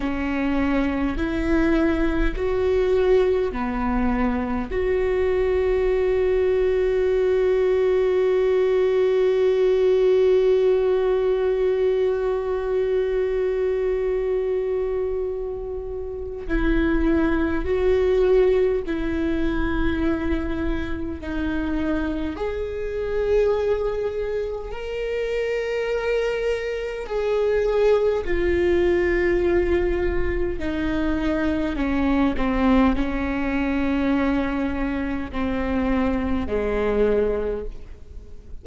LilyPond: \new Staff \with { instrumentName = "viola" } { \time 4/4 \tempo 4 = 51 cis'4 e'4 fis'4 b4 | fis'1~ | fis'1~ | fis'2 e'4 fis'4 |
e'2 dis'4 gis'4~ | gis'4 ais'2 gis'4 | f'2 dis'4 cis'8 c'8 | cis'2 c'4 gis4 | }